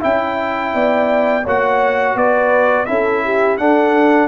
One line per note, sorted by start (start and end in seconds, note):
0.00 0.74 C#4
0.00 1.43 E4
0.00 0.71 E5
0.00 1.46 G5
0.74 1.46 B3
0.74 1.44 D5
1.44 2.15 A#3
1.44 2.87 F#4
1.44 2.15 C#5
1.44 2.17 F#5
2.15 2.86 B3
2.15 2.88 B4
2.15 2.85 D5
2.85 3.59 C#4
2.85 3.58 E4
2.85 3.24 A4
2.85 3.57 E5
3.24 3.60 G4
3.57 4.28 D4
3.57 4.28 A4
3.57 4.28 F#5